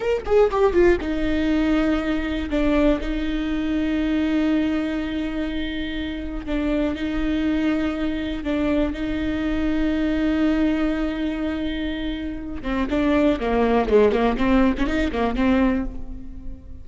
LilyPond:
\new Staff \with { instrumentName = "viola" } { \time 4/4 \tempo 4 = 121 ais'8 gis'8 g'8 f'8 dis'2~ | dis'4 d'4 dis'2~ | dis'1~ | dis'4 d'4 dis'2~ |
dis'4 d'4 dis'2~ | dis'1~ | dis'4. c'8 d'4 ais4 | gis8 ais8 c'8. cis'16 dis'8 ais8 c'4 | }